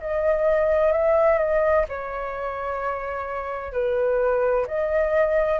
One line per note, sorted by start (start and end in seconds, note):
0.00 0.92 D#5
0.92 1.38 E5
1.38 1.85 D#5
1.88 3.72 C#5
3.72 4.66 B4
4.67 5.60 D#5